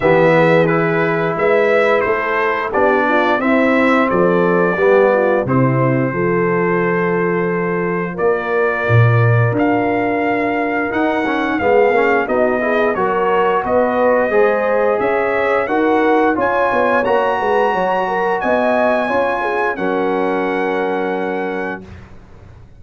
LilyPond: <<
  \new Staff \with { instrumentName = "trumpet" } { \time 4/4 \tempo 4 = 88 e''4 b'4 e''4 c''4 | d''4 e''4 d''2 | c''1 | d''2 f''2 |
fis''4 f''4 dis''4 cis''4 | dis''2 e''4 fis''4 | gis''4 ais''2 gis''4~ | gis''4 fis''2. | }
  \new Staff \with { instrumentName = "horn" } { \time 4/4 g'8 gis'4. b'4 a'4 | g'8 f'8 e'4 a'4 g'8 f'8 | e'4 a'2. | ais'1~ |
ais'4 gis'4 fis'8 gis'8 ais'4 | b'4 c''4 cis''4 ais'4 | cis''4. b'8 cis''8 ais'8 dis''4 | cis''8 gis'8 ais'2. | }
  \new Staff \with { instrumentName = "trombone" } { \time 4/4 b4 e'2. | d'4 c'2 b4 | c'4 f'2.~ | f'1 |
dis'8 cis'8 b8 cis'8 dis'8 e'8 fis'4~ | fis'4 gis'2 fis'4 | f'4 fis'2. | f'4 cis'2. | }
  \new Staff \with { instrumentName = "tuba" } { \time 4/4 e2 gis4 a4 | b4 c'4 f4 g4 | c4 f2. | ais4 ais,4 d'2 |
dis'4 gis8 ais8 b4 fis4 | b4 gis4 cis'4 dis'4 | cis'8 b8 ais8 gis8 fis4 b4 | cis'4 fis2. | }
>>